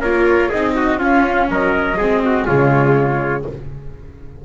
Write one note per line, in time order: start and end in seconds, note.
0.00 0.51 A#3
0.00 0.52 F4
0.00 0.48 A#4
0.00 0.51 C#5
0.48 1.01 C4
0.48 0.98 D#4
0.48 0.73 G#4
0.48 1.00 D#5
0.75 0.99 F#4
0.98 1.96 C#4
0.98 1.49 C#4
0.98 1.48 F4
0.98 1.50 F5
1.49 1.97 F#3
1.49 1.97 A#4
1.49 2.47 D#5
1.97 2.46 G#3
1.97 2.47 C4
1.97 2.21 G#4
2.25 2.46 F#4
2.46 3.45 C#3
2.46 3.45 G#3
2.46 3.43 F4
2.46 3.44 C#5